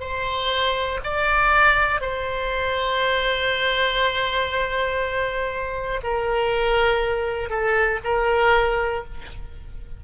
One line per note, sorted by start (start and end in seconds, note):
0.00 1.00 C5
1.04 2.01 D5
2.01 6.01 C5
6.03 7.50 A#4
7.50 8.00 A4
8.04 9.04 A#4